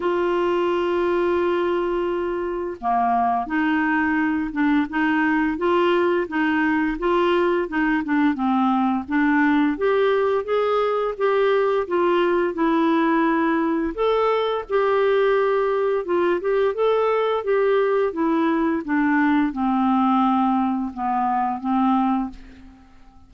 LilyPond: \new Staff \with { instrumentName = "clarinet" } { \time 4/4 \tempo 4 = 86 f'1 | ais4 dis'4. d'8 dis'4 | f'4 dis'4 f'4 dis'8 d'8 | c'4 d'4 g'4 gis'4 |
g'4 f'4 e'2 | a'4 g'2 f'8 g'8 | a'4 g'4 e'4 d'4 | c'2 b4 c'4 | }